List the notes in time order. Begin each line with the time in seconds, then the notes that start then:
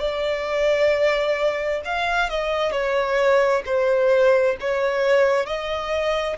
0.00 D5
1.85 F5
2.30 D#5
2.72 C#5
3.66 C5
4.61 C#5
5.46 D#5